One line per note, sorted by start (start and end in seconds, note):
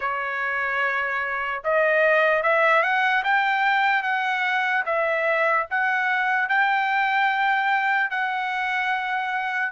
0.00 1.62 C#5
1.64 2.43 D#5
2.43 2.82 E5
2.82 3.23 F#5
3.24 4.02 G5
4.02 4.84 F#5
4.85 5.66 E5
5.70 6.49 F#5
6.49 8.10 G5
8.10 9.72 F#5